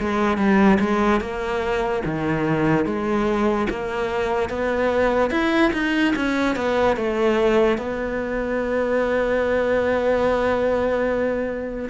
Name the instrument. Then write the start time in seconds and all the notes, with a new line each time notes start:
cello
0.00 G#3
0.37 G3
0.80 G#3
1.21 A#3
2.05 D#3
2.86 G#3
3.70 A#3
4.50 B3
5.31 E4
5.73 D#4
6.16 C#4
6.56 B3
6.97 A3
7.78 B3